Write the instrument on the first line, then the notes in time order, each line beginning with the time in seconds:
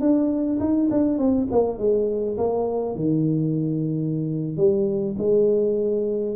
tuba
0.00 D4
0.59 D#4
0.90 D4
1.18 C4
1.51 A#3
1.78 G#3
2.37 A#3
2.95 D#3
4.57 G3
5.18 G#3